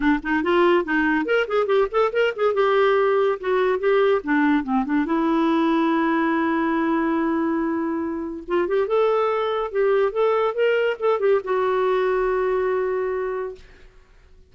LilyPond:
\new Staff \with { instrumentName = "clarinet" } { \time 4/4 \tempo 4 = 142 d'8 dis'8 f'4 dis'4 ais'8 gis'8 | g'8 a'8 ais'8 gis'8 g'2 | fis'4 g'4 d'4 c'8 d'8 | e'1~ |
e'1 | f'8 g'8 a'2 g'4 | a'4 ais'4 a'8 g'8 fis'4~ | fis'1 | }